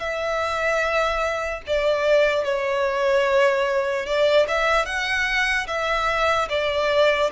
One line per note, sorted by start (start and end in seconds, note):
0.00 1.62 E5
1.67 2.44 D5
2.44 4.06 C#5
4.06 4.47 D5
4.48 4.86 E5
4.86 5.67 F#5
5.68 6.49 E5
6.50 7.31 D5